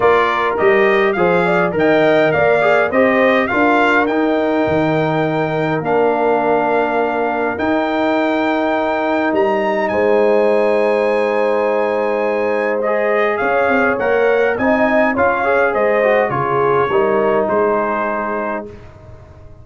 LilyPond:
<<
  \new Staff \with { instrumentName = "trumpet" } { \time 4/4 \tempo 4 = 103 d''4 dis''4 f''4 g''4 | f''4 dis''4 f''4 g''4~ | g''2 f''2~ | f''4 g''2. |
ais''4 gis''2.~ | gis''2 dis''4 f''4 | fis''4 gis''4 f''4 dis''4 | cis''2 c''2 | }
  \new Staff \with { instrumentName = "horn" } { \time 4/4 ais'2 c''8 d''8 dis''4 | d''4 c''4 ais'2~ | ais'1~ | ais'1~ |
ais'4 c''2.~ | c''2. cis''4~ | cis''4 dis''4 cis''4 c''4 | gis'4 ais'4 gis'2 | }
  \new Staff \with { instrumentName = "trombone" } { \time 4/4 f'4 g'4 gis'4 ais'4~ | ais'8 gis'8 g'4 f'4 dis'4~ | dis'2 d'2~ | d'4 dis'2.~ |
dis'1~ | dis'2 gis'2 | ais'4 dis'4 f'8 gis'4 fis'8 | f'4 dis'2. | }
  \new Staff \with { instrumentName = "tuba" } { \time 4/4 ais4 g4 f4 dis4 | ais4 c'4 d'4 dis'4 | dis2 ais2~ | ais4 dis'2. |
g4 gis2.~ | gis2. cis'8 c'8 | ais4 c'4 cis'4 gis4 | cis4 g4 gis2 | }
>>